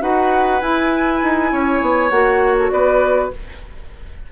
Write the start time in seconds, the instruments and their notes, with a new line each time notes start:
0.00 bassoon D#4, clarinet F#4, oboe B4, flute F#5
0.61 bassoon E4, clarinet E4, flute G#5
1.23 bassoon D#4
1.52 bassoon C#4, oboe C#5
1.81 bassoon B3
2.10 bassoon A#3, clarinet F#4, flute F#5
2.58 flute A4
2.71 bassoon B3, oboe B4, flute D5